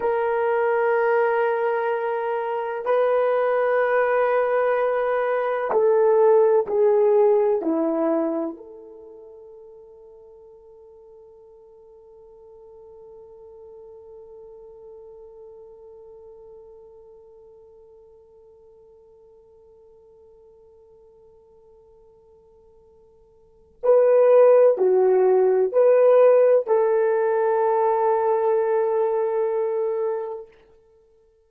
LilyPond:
\new Staff \with { instrumentName = "horn" } { \time 4/4 \tempo 4 = 63 ais'2. b'4~ | b'2 a'4 gis'4 | e'4 a'2.~ | a'1~ |
a'1~ | a'1~ | a'4 b'4 fis'4 b'4 | a'1 | }